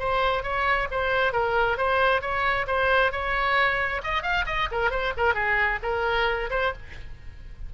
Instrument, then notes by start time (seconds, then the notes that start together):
oboe
0.00 C5
0.43 C#5
0.92 C5
1.33 A#4
1.78 C5
2.22 C#5
2.67 C5
3.12 C#5
4.04 D#5
4.23 F5
4.47 D#5
4.72 A#4
4.91 C5
5.17 A#4
5.35 G#4
5.83 A#4
6.51 C5